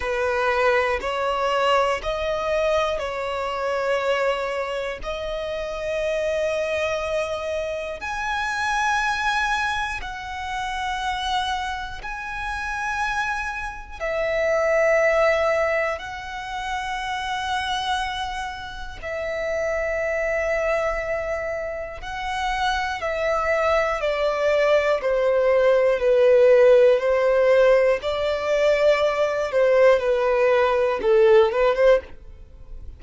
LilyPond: \new Staff \with { instrumentName = "violin" } { \time 4/4 \tempo 4 = 60 b'4 cis''4 dis''4 cis''4~ | cis''4 dis''2. | gis''2 fis''2 | gis''2 e''2 |
fis''2. e''4~ | e''2 fis''4 e''4 | d''4 c''4 b'4 c''4 | d''4. c''8 b'4 a'8 b'16 c''16 | }